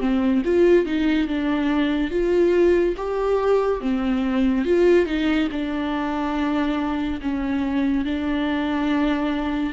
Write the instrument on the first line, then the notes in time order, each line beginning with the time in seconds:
viola
0.00 C4
0.45 F4
0.86 D#4
1.28 D4
2.10 F4
2.97 G4
3.81 C4
4.65 F4
5.06 D#4
5.52 D4
7.22 C#4
8.05 D4